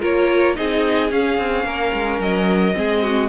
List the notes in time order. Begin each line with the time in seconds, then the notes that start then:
0.00 A#3 F4 A#4 C#5
0.55 C4 D#4 G#4 D#5
1.11 C#4 F5
1.38 C4
1.64 A#3 A#4
1.93 G#3
2.19 F#3 D#5
2.73 G#3 C4 G#4
3.02 F#4